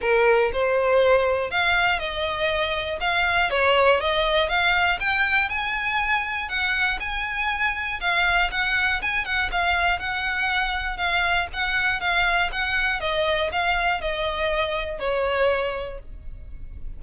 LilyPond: \new Staff \with { instrumentName = "violin" } { \time 4/4 \tempo 4 = 120 ais'4 c''2 f''4 | dis''2 f''4 cis''4 | dis''4 f''4 g''4 gis''4~ | gis''4 fis''4 gis''2 |
f''4 fis''4 gis''8 fis''8 f''4 | fis''2 f''4 fis''4 | f''4 fis''4 dis''4 f''4 | dis''2 cis''2 | }